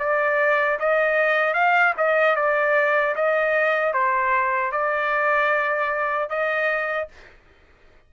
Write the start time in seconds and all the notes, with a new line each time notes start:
0.00 D5
0.80 D#5
1.54 F5
1.98 D#5
2.36 D5
3.16 D#5
3.94 C5
4.72 D5
6.30 D#5